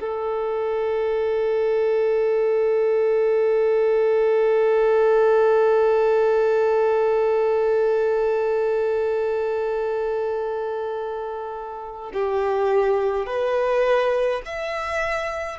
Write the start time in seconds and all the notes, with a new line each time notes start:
0.00 A4
12.13 G4
13.26 B4
14.45 E5